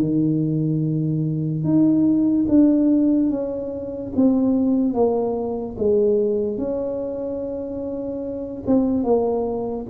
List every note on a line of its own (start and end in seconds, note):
0.00 1.64 D#3
1.64 2.46 D#4
2.48 3.30 D4
3.30 4.12 C#4
4.16 4.94 C4
4.94 5.76 A#3
5.78 6.58 G#3
6.58 8.63 C#4
8.66 9.04 C4
9.04 9.86 A#3